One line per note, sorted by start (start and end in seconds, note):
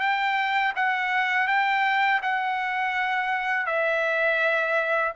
0.00 0.73 G5
0.76 1.48 F#5
1.48 2.21 G5
2.23 3.66 F#5
3.66 5.13 E5